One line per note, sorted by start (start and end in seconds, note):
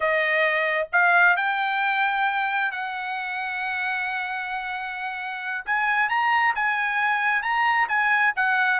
0.00 0.88 D#5
0.92 1.36 F5
1.36 2.71 G5
2.71 5.64 F#5
5.65 6.09 G#5
6.09 6.54 A#5
6.55 7.42 G#5
7.42 7.87 A#5
7.88 8.33 G#5
8.35 8.80 F#5